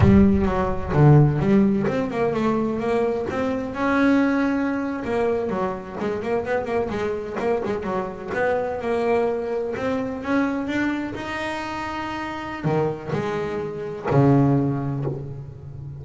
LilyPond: \new Staff \with { instrumentName = "double bass" } { \time 4/4 \tempo 4 = 128 g4 fis4 d4 g4 | c'8 ais8 a4 ais4 c'4 | cis'2~ cis'8. ais4 fis16~ | fis8. gis8 ais8 b8 ais8 gis4 ais16~ |
ais16 gis8 fis4 b4 ais4~ ais16~ | ais8. c'4 cis'4 d'4 dis'16~ | dis'2. dis4 | gis2 cis2 | }